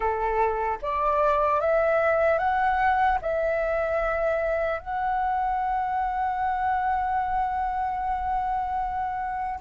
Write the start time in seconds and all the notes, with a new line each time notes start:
0.00 A4
0.81 D5
1.60 E5
2.38 F#5
3.21 E5
4.79 F#5